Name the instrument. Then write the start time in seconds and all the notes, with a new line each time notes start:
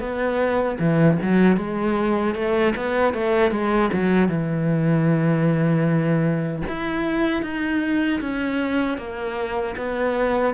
cello
0.00 B3
0.79 E3
1.23 F#3
1.57 G#3
2.35 A3
2.76 B3
3.13 A3
3.51 G#3
3.93 F#3
4.29 E3
6.68 E4
7.42 D#4
8.20 C#4
8.98 A#3
9.77 B3